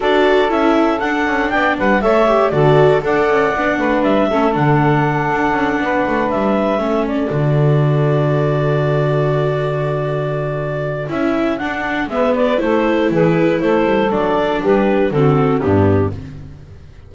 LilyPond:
<<
  \new Staff \with { instrumentName = "clarinet" } { \time 4/4 \tempo 4 = 119 d''4 e''4 fis''4 g''8 fis''8 | e''4 d''4 fis''2 | e''4 fis''2.~ | fis''8 e''4. d''2~ |
d''1~ | d''2 e''4 fis''4 | e''8 d''8 c''4 b'4 c''4 | d''4 b'4 a'4 g'4 | }
  \new Staff \with { instrumentName = "saxophone" } { \time 4/4 a'2. d''8 b'8 | cis''4 a'4 d''4. b'8~ | b'8 a'2. b'8~ | b'4. a'2~ a'8~ |
a'1~ | a'1 | b'4 a'4 gis'4 a'4~ | a'4 g'4 fis'4 d'4 | }
  \new Staff \with { instrumentName = "viola" } { \time 4/4 fis'4 e'4 d'2 | a'8 g'8 fis'4 a'4 d'4~ | d'8 cis'8 d'2.~ | d'4. cis'4 fis'4.~ |
fis'1~ | fis'2 e'4 d'4 | b4 e'2. | d'2 c'4 b4 | }
  \new Staff \with { instrumentName = "double bass" } { \time 4/4 d'4 cis'4 d'8 cis'8 b8 g8 | a4 d4 d'8 cis'8 b8 a8 | g8 a8 d4. d'8 cis'8 b8 | a8 g4 a4 d4.~ |
d1~ | d2 cis'4 d'4 | gis4 a4 e4 a8 g8 | fis4 g4 d4 g,4 | }
>>